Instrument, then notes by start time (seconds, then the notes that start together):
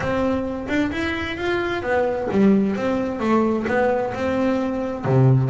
double bass
0.00 C4
0.68 D4
0.91 E4
1.37 F4
1.82 B3
2.31 G3
2.76 C4
3.19 A3
3.67 B3
4.14 C4
5.05 C3